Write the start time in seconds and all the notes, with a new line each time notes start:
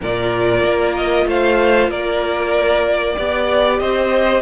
0.01 A#2 F4 A#4 D5
0.63 A#3
0.95 D#5
1.26 A3 C5 F5
1.88 A#3 A#4 D5
3.17 B3 G4 D5
3.79 C4 C5 D#5